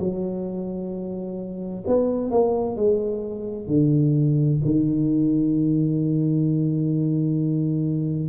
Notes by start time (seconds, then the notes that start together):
0.00 F#3
1.87 B3
2.31 A#3
2.76 G#3
3.68 D3
4.65 D#3